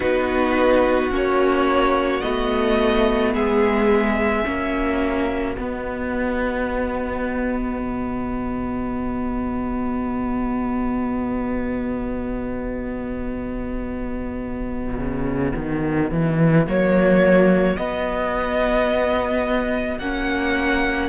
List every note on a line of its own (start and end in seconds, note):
0.00 1.11 B3
0.00 1.10 D#4
0.00 3.31 F#4
0.00 1.11 B4
1.10 2.22 A#3
1.10 2.21 C#4
1.10 2.20 C#5
2.20 3.34 A3
2.20 4.44 B3
2.20 3.31 D#5
3.34 4.45 G#3
3.34 4.45 G#4
3.34 5.55 E5
4.44 5.57 A#3
4.44 5.55 C#4
4.44 21.09 F#4
5.55 16.66 B3
5.55 7.78 B3
5.55 16.66 D#5
7.78 14.97 B2
14.97 15.52 C#3
15.56 16.11 D#3
16.11 16.66 E3
16.66 17.77 F#3
16.66 17.77 A#3
16.66 17.76 C#5
17.76 19.99 B3
17.76 19.98 B3
17.76 19.98 D#5
19.98 21.09 A#3
19.98 21.09 C#4
19.98 21.09 F#5